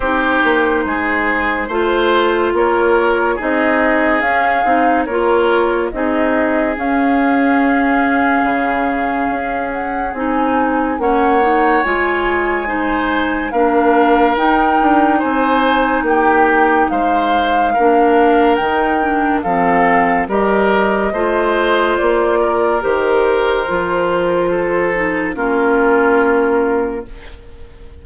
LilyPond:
<<
  \new Staff \with { instrumentName = "flute" } { \time 4/4 \tempo 4 = 71 c''2. cis''4 | dis''4 f''4 cis''4 dis''4 | f''2.~ f''8 fis''8 | gis''4 fis''4 gis''2 |
f''4 g''4 gis''4 g''4 | f''2 g''4 f''4 | dis''2 d''4 c''4~ | c''2 ais'2 | }
  \new Staff \with { instrumentName = "oboe" } { \time 4/4 g'4 gis'4 c''4 ais'4 | gis'2 ais'4 gis'4~ | gis'1~ | gis'4 cis''2 c''4 |
ais'2 c''4 g'4 | c''4 ais'2 a'4 | ais'4 c''4. ais'4.~ | ais'4 a'4 f'2 | }
  \new Staff \with { instrumentName = "clarinet" } { \time 4/4 dis'2 f'2 | dis'4 cis'8 dis'8 f'4 dis'4 | cis'1 | dis'4 cis'8 dis'8 f'4 dis'4 |
d'4 dis'2.~ | dis'4 d'4 dis'8 d'8 c'4 | g'4 f'2 g'4 | f'4. dis'8 cis'2 | }
  \new Staff \with { instrumentName = "bassoon" } { \time 4/4 c'8 ais8 gis4 a4 ais4 | c'4 cis'8 c'8 ais4 c'4 | cis'2 cis4 cis'4 | c'4 ais4 gis2 |
ais4 dis'8 d'8 c'4 ais4 | gis4 ais4 dis4 f4 | g4 a4 ais4 dis4 | f2 ais2 | }
>>